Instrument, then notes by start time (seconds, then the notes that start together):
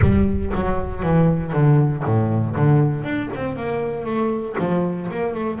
double bass
0.01 G3
0.54 F#3
1.02 E3
1.52 D3
2.04 A2
2.55 D3
3.03 D4
3.34 C4
3.56 A#3
4.05 A3
4.58 F3
5.10 A#3
5.34 A3